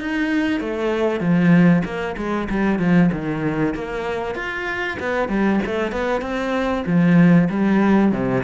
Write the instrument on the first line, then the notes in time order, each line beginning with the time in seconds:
cello
0.00 D#4
0.60 A3
1.20 F3
1.84 A#3
2.16 G#3
2.49 G3
2.79 F3
3.12 D#3
3.74 A#3
4.35 F4
4.99 B3
5.28 G3
5.65 A3
5.91 B3
6.21 C4
6.86 F3
7.50 G3
8.11 C3